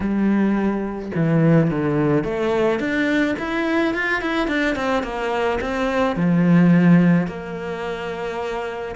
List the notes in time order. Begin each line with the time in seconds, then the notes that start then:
0.00 G3
1.15 E3
1.70 D3
2.24 A3
2.79 D4
3.38 E4
3.94 F4
4.21 E4
4.47 D4
4.75 C4
5.03 A#3
5.60 C4
6.16 F3
7.27 A#3